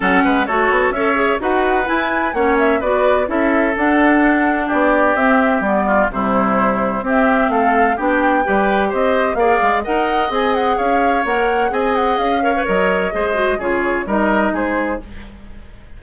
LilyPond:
<<
  \new Staff \with { instrumentName = "flute" } { \time 4/4 \tempo 4 = 128 fis''4 cis''4 e''4 fis''4 | gis''4 fis''8 e''8 d''4 e''4 | fis''2 d''4 e''4 | d''4 c''2 e''4 |
f''4 g''2 dis''4 | f''4 fis''4 gis''8 fis''8 f''4 | fis''4 gis''8 fis''8 f''4 dis''4~ | dis''4 cis''4 dis''4 c''4 | }
  \new Staff \with { instrumentName = "oboe" } { \time 4/4 a'8 b'8 a'4 cis''4 b'4~ | b'4 cis''4 b'4 a'4~ | a'2 g'2~ | g'8 f'8 e'2 g'4 |
a'4 g'4 b'4 c''4 | d''4 dis''2 cis''4~ | cis''4 dis''4. cis''4. | c''4 gis'4 ais'4 gis'4 | }
  \new Staff \with { instrumentName = "clarinet" } { \time 4/4 cis'4 fis'4 a'8 gis'8 fis'4 | e'4 cis'4 fis'4 e'4 | d'2. c'4 | b4 g2 c'4~ |
c'4 d'4 g'2 | gis'4 ais'4 gis'2 | ais'4 gis'4. ais'16 b'16 ais'4 | gis'8 fis'8 f'4 dis'2 | }
  \new Staff \with { instrumentName = "bassoon" } { \time 4/4 fis8 gis8 a8 b8 cis'4 dis'4 | e'4 ais4 b4 cis'4 | d'2 b4 c'4 | g4 c2 c'4 |
a4 b4 g4 c'4 | ais8 gis8 dis'4 c'4 cis'4 | ais4 c'4 cis'4 fis4 | gis4 cis4 g4 gis4 | }
>>